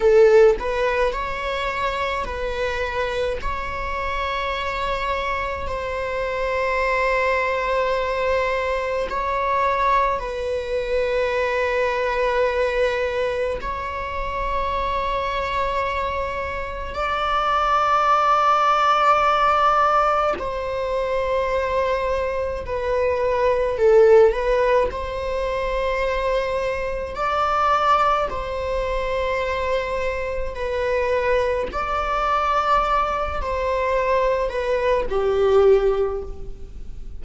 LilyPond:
\new Staff \with { instrumentName = "viola" } { \time 4/4 \tempo 4 = 53 a'8 b'8 cis''4 b'4 cis''4~ | cis''4 c''2. | cis''4 b'2. | cis''2. d''4~ |
d''2 c''2 | b'4 a'8 b'8 c''2 | d''4 c''2 b'4 | d''4. c''4 b'8 g'4 | }